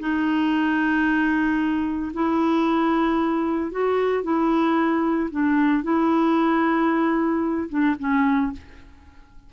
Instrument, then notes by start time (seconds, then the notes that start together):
clarinet
0.00 D#4
2.14 E4
3.71 F#4
4.24 E4
5.31 D4
5.83 E4
7.69 D4
8.00 C#4